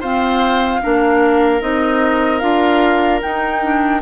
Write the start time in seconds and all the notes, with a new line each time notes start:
0.00 C4 F4 C5 F5
0.81 A#3 D4 A#4
1.61 C4 D#4 D#5
2.39 D4 F4 F5
3.21 D#4 G5
3.62 D4